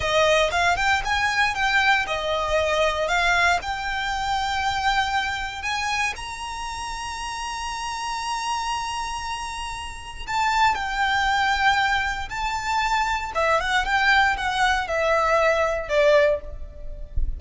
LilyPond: \new Staff \with { instrumentName = "violin" } { \time 4/4 \tempo 4 = 117 dis''4 f''8 g''8 gis''4 g''4 | dis''2 f''4 g''4~ | g''2. gis''4 | ais''1~ |
ais''1 | a''4 g''2. | a''2 e''8 fis''8 g''4 | fis''4 e''2 d''4 | }